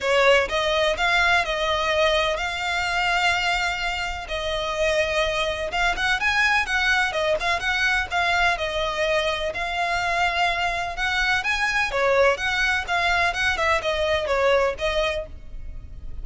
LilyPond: \new Staff \with { instrumentName = "violin" } { \time 4/4 \tempo 4 = 126 cis''4 dis''4 f''4 dis''4~ | dis''4 f''2.~ | f''4 dis''2. | f''8 fis''8 gis''4 fis''4 dis''8 f''8 |
fis''4 f''4 dis''2 | f''2. fis''4 | gis''4 cis''4 fis''4 f''4 | fis''8 e''8 dis''4 cis''4 dis''4 | }